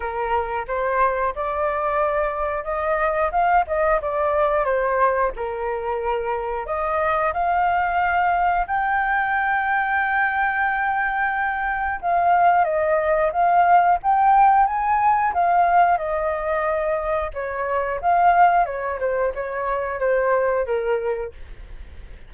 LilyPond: \new Staff \with { instrumentName = "flute" } { \time 4/4 \tempo 4 = 90 ais'4 c''4 d''2 | dis''4 f''8 dis''8 d''4 c''4 | ais'2 dis''4 f''4~ | f''4 g''2.~ |
g''2 f''4 dis''4 | f''4 g''4 gis''4 f''4 | dis''2 cis''4 f''4 | cis''8 c''8 cis''4 c''4 ais'4 | }